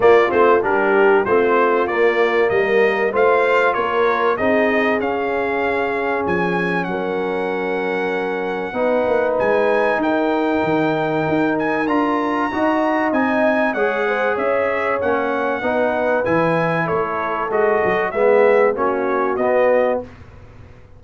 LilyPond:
<<
  \new Staff \with { instrumentName = "trumpet" } { \time 4/4 \tempo 4 = 96 d''8 c''8 ais'4 c''4 d''4 | dis''4 f''4 cis''4 dis''4 | f''2 gis''4 fis''4~ | fis''2. gis''4 |
g''2~ g''8 gis''8 ais''4~ | ais''4 gis''4 fis''4 e''4 | fis''2 gis''4 cis''4 | dis''4 e''4 cis''4 dis''4 | }
  \new Staff \with { instrumentName = "horn" } { \time 4/4 f'4 g'4 f'2 | ais'4 c''4 ais'4 gis'4~ | gis'2. ais'4~ | ais'2 b'2 |
ais'1 | dis''2 cis''8 c''8 cis''4~ | cis''4 b'2 a'4~ | a'4 gis'4 fis'2 | }
  \new Staff \with { instrumentName = "trombone" } { \time 4/4 ais8 c'8 d'4 c'4 ais4~ | ais4 f'2 dis'4 | cis'1~ | cis'2 dis'2~ |
dis'2. f'4 | fis'4 dis'4 gis'2 | cis'4 dis'4 e'2 | fis'4 b4 cis'4 b4 | }
  \new Staff \with { instrumentName = "tuba" } { \time 4/4 ais8 a8 g4 a4 ais4 | g4 a4 ais4 c'4 | cis'2 f4 fis4~ | fis2 b8 ais8 gis4 |
dis'4 dis4 dis'4 d'4 | dis'4 c'4 gis4 cis'4 | ais4 b4 e4 a4 | gis8 fis8 gis4 ais4 b4 | }
>>